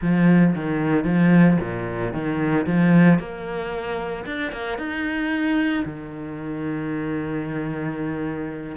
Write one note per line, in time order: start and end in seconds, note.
0.01 0.54 F3
0.55 1.04 D#3
1.04 1.57 F3
1.60 2.13 A#2
2.13 2.66 D#3
2.66 3.19 F3
3.19 4.25 A#3
4.25 4.52 D4
4.52 4.77 A#3
4.77 5.84 D#4
5.84 8.76 D#3